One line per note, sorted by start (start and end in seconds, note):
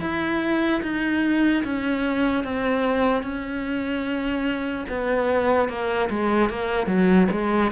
0.00 0.81 E4
0.82 1.63 D#4
1.64 2.44 C#4
2.44 3.22 C4
3.22 4.85 C#4
4.89 5.68 B3
5.68 6.09 A#3
6.09 6.49 G#3
6.49 6.87 A#3
6.87 7.27 F#3
7.30 7.71 G#3